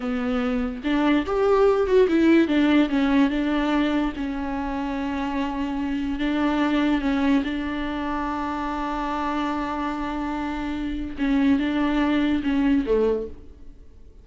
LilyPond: \new Staff \with { instrumentName = "viola" } { \time 4/4 \tempo 4 = 145 b2 d'4 g'4~ | g'8 fis'8 e'4 d'4 cis'4 | d'2 cis'2~ | cis'2. d'4~ |
d'4 cis'4 d'2~ | d'1~ | d'2. cis'4 | d'2 cis'4 a4 | }